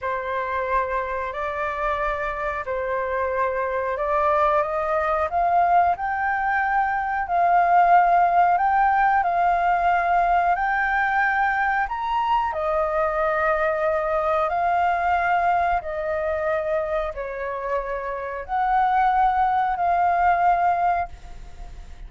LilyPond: \new Staff \with { instrumentName = "flute" } { \time 4/4 \tempo 4 = 91 c''2 d''2 | c''2 d''4 dis''4 | f''4 g''2 f''4~ | f''4 g''4 f''2 |
g''2 ais''4 dis''4~ | dis''2 f''2 | dis''2 cis''2 | fis''2 f''2 | }